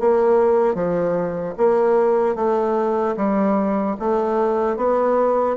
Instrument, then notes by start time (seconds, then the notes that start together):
bassoon
0.00 A#3
0.75 F3
1.57 A#3
2.35 A3
3.16 G3
3.99 A3
4.76 B3